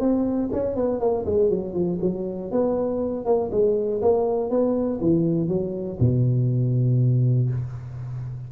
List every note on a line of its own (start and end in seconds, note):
0.00 0.50 C4
0.53 0.76 C#4
0.76 1.00 B3
1.00 1.25 A#3
1.26 1.50 G#3
1.50 1.74 F#3
1.74 1.99 F3
2.02 2.51 F#3
2.51 3.25 B3
3.25 3.50 A#3
3.52 4.02 G#3
4.02 4.50 A#3
4.50 5.00 B3
5.01 5.48 E3
5.48 5.98 F#3
6.00 7.50 B2